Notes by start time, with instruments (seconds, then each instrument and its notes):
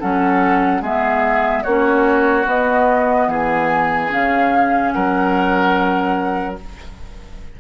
0.00 bassoon F#3, clarinet C#4, oboe A4, flute F#5
0.81 bassoon G#3, clarinet B3, oboe G#4, flute E5
1.64 bassoon A#3, clarinet C#4, oboe F#4, flute C#5
2.45 clarinet B3, bassoon B3, flute D#5
3.28 bassoon E3, oboe G#4, flute G#5
4.09 bassoon C#3, clarinet C#4, flute F5
4.92 bassoon F#3, oboe A#4, flute F#5